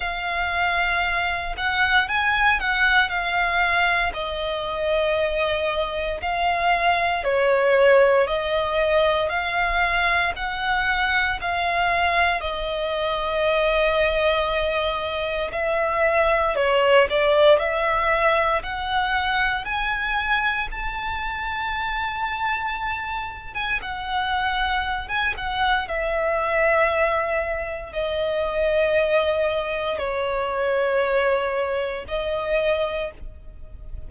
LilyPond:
\new Staff \with { instrumentName = "violin" } { \time 4/4 \tempo 4 = 58 f''4. fis''8 gis''8 fis''8 f''4 | dis''2 f''4 cis''4 | dis''4 f''4 fis''4 f''4 | dis''2. e''4 |
cis''8 d''8 e''4 fis''4 gis''4 | a''2~ a''8. gis''16 fis''4~ | fis''16 gis''16 fis''8 e''2 dis''4~ | dis''4 cis''2 dis''4 | }